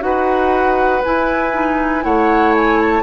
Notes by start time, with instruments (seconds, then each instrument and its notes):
0.00 bassoon D#4, clarinet F#4, oboe B4, flute F#5
1.04 clarinet E4, bassoon E4, flute G#5
1.53 clarinet D#4
2.02 bassoon A3, clarinet E4, oboe C#5, flute F#5
2.55 flute G#5
2.79 flute A5